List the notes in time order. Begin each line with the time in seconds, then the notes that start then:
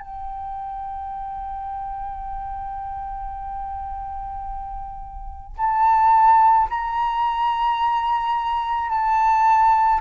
0.00 G5
5.57 A5
6.70 A#5
8.89 A5